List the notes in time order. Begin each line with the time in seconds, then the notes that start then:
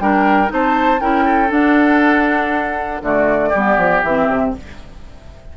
0.00 G3 D4 A#4 G5
0.47 C4 D#4 A5
0.54 C5
1.01 C#4 E4 A#4 G5
1.25 A4
1.49 D4 F#5
3.02 D3 A3 F#4 D5
3.50 G3 G4
3.56 B3
3.78 F3
4.03 E3 C4 E5
4.29 C3